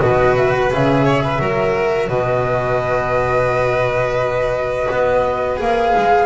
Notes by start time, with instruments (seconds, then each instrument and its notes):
0.00 double bass B2, cello F#4, violin B4, flute D#5
0.36 flute E5
0.54 flute F#5
0.71 double bass C#3, cello G#4, flute E5
1.05 violin C#5
1.23 violin B4
1.39 double bass F#3, cello F#4, violin A#4
2.09 double bass B2, violin B4, flute D#5
4.91 double bass B3
5.57 double bass A#3, cello G#4, flute F5
5.97 double bass G#3